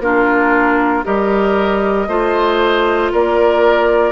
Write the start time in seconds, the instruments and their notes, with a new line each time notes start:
0.00 bassoon A#3, clarinet D4, oboe F4, flute A#4
1.04 bassoon G3, clarinet G4, oboe A#4, flute D#5
2.08 bassoon A3, clarinet F4, oboe C5
3.12 bassoon A#3, oboe A#4, flute D5